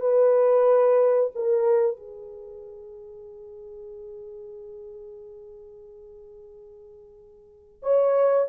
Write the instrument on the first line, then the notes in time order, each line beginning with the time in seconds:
horn
0.00 B4
1.35 A#4
1.97 G#4
7.83 C#5